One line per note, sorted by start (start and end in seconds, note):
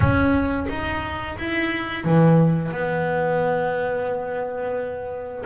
0.00 0.66 C#4
0.69 1.37 D#4
1.38 2.04 E4
2.04 2.71 E3
2.71 5.44 B3